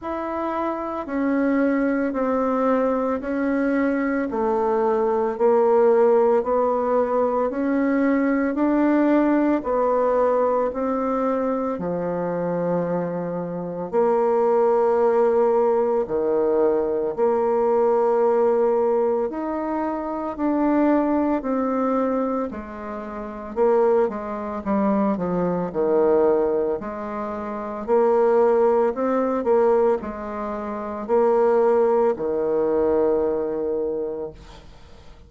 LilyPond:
\new Staff \with { instrumentName = "bassoon" } { \time 4/4 \tempo 4 = 56 e'4 cis'4 c'4 cis'4 | a4 ais4 b4 cis'4 | d'4 b4 c'4 f4~ | f4 ais2 dis4 |
ais2 dis'4 d'4 | c'4 gis4 ais8 gis8 g8 f8 | dis4 gis4 ais4 c'8 ais8 | gis4 ais4 dis2 | }